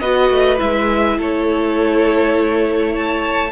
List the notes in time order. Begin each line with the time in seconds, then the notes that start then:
0.00 B3 F#4 B4 D#5
0.31 A3
0.58 G#3 E4 E5
1.18 A3 A4 C#5
2.92 C#5 A5